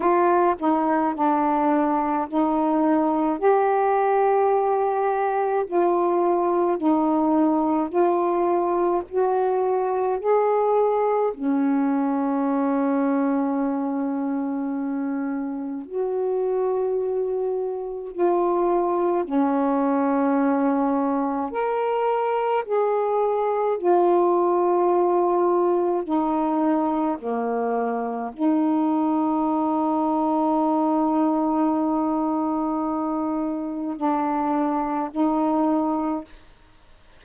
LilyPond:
\new Staff \with { instrumentName = "saxophone" } { \time 4/4 \tempo 4 = 53 f'8 dis'8 d'4 dis'4 g'4~ | g'4 f'4 dis'4 f'4 | fis'4 gis'4 cis'2~ | cis'2 fis'2 |
f'4 cis'2 ais'4 | gis'4 f'2 dis'4 | ais4 dis'2.~ | dis'2 d'4 dis'4 | }